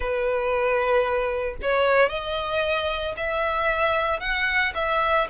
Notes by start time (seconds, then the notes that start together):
0.00 B4
1.61 C#5
2.09 D#5
3.16 E5
4.20 F#5
4.75 E5